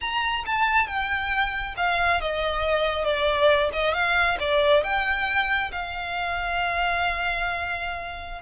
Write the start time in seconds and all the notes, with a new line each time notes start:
0.00 A#5
0.45 A5
0.87 G5
1.76 F5
2.21 D#5
3.04 D5
3.72 D#5
3.93 F5
4.39 D5
4.83 G5
5.71 F5